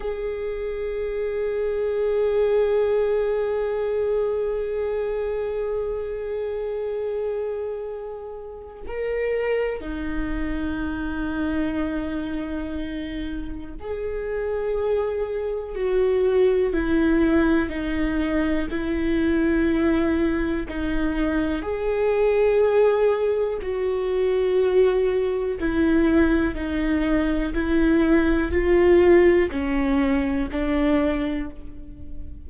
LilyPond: \new Staff \with { instrumentName = "viola" } { \time 4/4 \tempo 4 = 61 gis'1~ | gis'1~ | gis'4 ais'4 dis'2~ | dis'2 gis'2 |
fis'4 e'4 dis'4 e'4~ | e'4 dis'4 gis'2 | fis'2 e'4 dis'4 | e'4 f'4 cis'4 d'4 | }